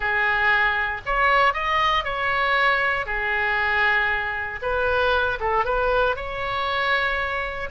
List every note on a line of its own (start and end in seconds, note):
0.00 1.01 G#4
1.05 1.53 C#5
1.53 2.04 D#5
2.04 3.06 C#5
3.06 4.60 G#4
4.62 5.38 B4
5.39 5.64 A4
5.64 6.15 B4
6.15 7.69 C#5